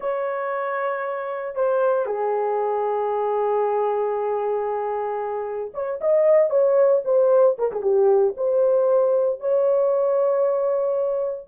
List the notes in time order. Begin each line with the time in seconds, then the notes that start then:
0.00 C#5
1.55 C5
2.06 G#4
5.74 C#5
6.00 D#5
6.50 C#5
7.05 C5
7.58 A#4
7.71 G#4
7.81 G4
8.36 C5
9.39 C#5